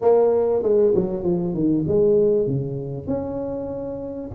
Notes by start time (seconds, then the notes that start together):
0.01 A#3
0.62 G#3
0.94 F#3
1.23 F3
1.54 D#3
1.87 G#3
2.47 C#3
3.07 C#4